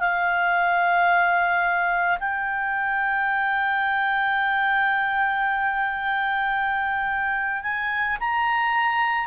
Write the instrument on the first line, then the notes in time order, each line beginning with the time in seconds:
clarinet
0.00 F5
2.20 G5
7.63 G#5
8.20 A#5